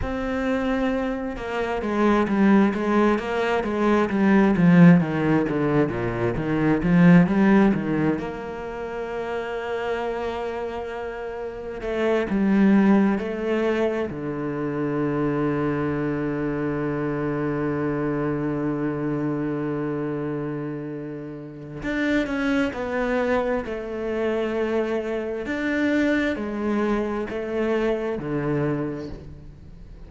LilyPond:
\new Staff \with { instrumentName = "cello" } { \time 4/4 \tempo 4 = 66 c'4. ais8 gis8 g8 gis8 ais8 | gis8 g8 f8 dis8 d8 ais,8 dis8 f8 | g8 dis8 ais2.~ | ais4 a8 g4 a4 d8~ |
d1~ | d1 | d'8 cis'8 b4 a2 | d'4 gis4 a4 d4 | }